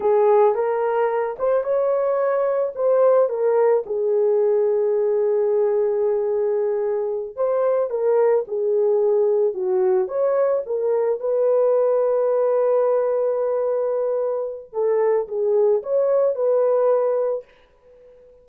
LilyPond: \new Staff \with { instrumentName = "horn" } { \time 4/4 \tempo 4 = 110 gis'4 ais'4. c''8 cis''4~ | cis''4 c''4 ais'4 gis'4~ | gis'1~ | gis'4. c''4 ais'4 gis'8~ |
gis'4. fis'4 cis''4 ais'8~ | ais'8 b'2.~ b'8~ | b'2. a'4 | gis'4 cis''4 b'2 | }